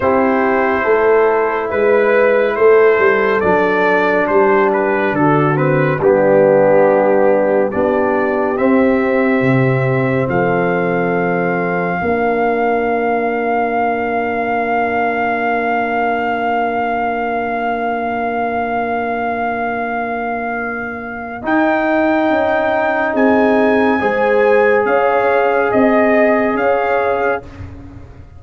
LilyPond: <<
  \new Staff \with { instrumentName = "trumpet" } { \time 4/4 \tempo 4 = 70 c''2 b'4 c''4 | d''4 c''8 b'8 a'8 b'8 g'4~ | g'4 d''4 e''2 | f''1~ |
f''1~ | f''1~ | f''4 g''2 gis''4~ | gis''4 f''4 dis''4 f''4 | }
  \new Staff \with { instrumentName = "horn" } { \time 4/4 g'4 a'4 b'4 a'4~ | a'4 g'4 fis'4 d'4~ | d'4 g'2. | a'2 ais'2~ |
ais'1~ | ais'1~ | ais'2. gis'4 | c''4 cis''4 dis''4 cis''4 | }
  \new Staff \with { instrumentName = "trombone" } { \time 4/4 e'1 | d'2~ d'8 c'8 b4~ | b4 d'4 c'2~ | c'2 d'2~ |
d'1~ | d'1~ | d'4 dis'2. | gis'1 | }
  \new Staff \with { instrumentName = "tuba" } { \time 4/4 c'4 a4 gis4 a8 g8 | fis4 g4 d4 g4~ | g4 b4 c'4 c4 | f2 ais2~ |
ais1~ | ais1~ | ais4 dis'4 cis'4 c'4 | gis4 cis'4 c'4 cis'4 | }
>>